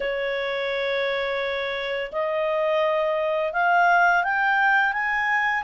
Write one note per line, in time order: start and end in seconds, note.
0.00 2.11 C#5
2.12 3.53 D#5
3.53 4.23 F5
4.23 4.93 G5
4.93 5.63 G#5